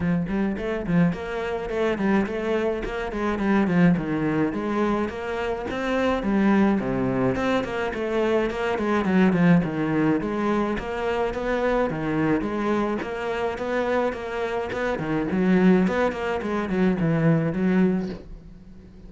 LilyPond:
\new Staff \with { instrumentName = "cello" } { \time 4/4 \tempo 4 = 106 f8 g8 a8 f8 ais4 a8 g8 | a4 ais8 gis8 g8 f8 dis4 | gis4 ais4 c'4 g4 | c4 c'8 ais8 a4 ais8 gis8 |
fis8 f8 dis4 gis4 ais4 | b4 dis4 gis4 ais4 | b4 ais4 b8 dis8 fis4 | b8 ais8 gis8 fis8 e4 fis4 | }